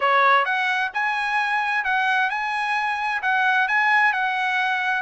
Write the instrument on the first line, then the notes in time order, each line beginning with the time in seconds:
trumpet
0.00 C#5
0.45 F#5
0.93 G#5
1.84 F#5
2.30 G#5
3.22 F#5
3.67 G#5
4.12 F#5